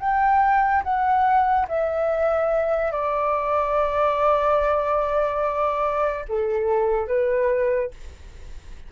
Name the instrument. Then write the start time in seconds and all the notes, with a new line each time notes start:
flute
0.00 G5
0.84 F#5
1.69 E5
2.92 D5
6.29 A4
7.08 B4